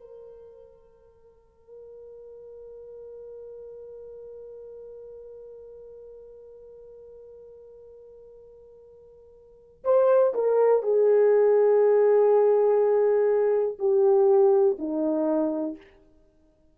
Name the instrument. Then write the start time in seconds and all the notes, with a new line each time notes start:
horn
0.00 A#4
9.84 C5
10.34 A#4
10.82 G#4
13.78 G4
14.79 D#4